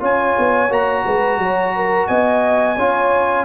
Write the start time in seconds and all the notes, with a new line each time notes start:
0.00 C#4 F4 C#5 G#5
0.39 B3
0.69 A#3 F#4 A#5
1.05 G#3 B4
1.37 F#3 C#5
1.76 A#4
2.07 B3 D#5 G#5
2.77 C#4 F4 C#5